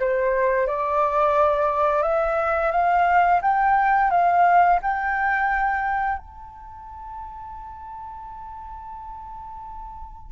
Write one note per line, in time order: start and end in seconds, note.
0.00 0.67 C5
0.67 2.03 D5
2.03 2.71 E5
2.71 3.40 F5
3.42 4.11 G5
4.11 4.80 F5
4.82 6.18 G5
6.18 10.32 A5